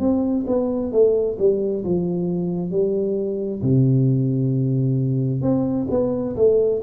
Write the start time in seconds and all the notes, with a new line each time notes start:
0.00 C4
0.47 B3
0.92 A3
1.39 G3
1.85 F3
2.71 G3
3.62 C3
5.42 C4
5.90 B3
6.36 A3